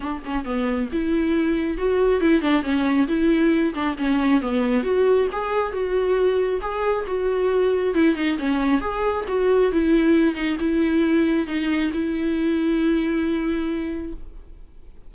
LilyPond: \new Staff \with { instrumentName = "viola" } { \time 4/4 \tempo 4 = 136 d'8 cis'8 b4 e'2 | fis'4 e'8 d'8 cis'4 e'4~ | e'8 d'8 cis'4 b4 fis'4 | gis'4 fis'2 gis'4 |
fis'2 e'8 dis'8 cis'4 | gis'4 fis'4 e'4. dis'8 | e'2 dis'4 e'4~ | e'1 | }